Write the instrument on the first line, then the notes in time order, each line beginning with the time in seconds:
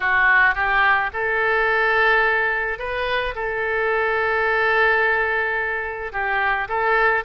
oboe
0.00 F#4
0.55 G4
1.13 A4
2.78 B4
3.35 A4
6.12 G4
6.68 A4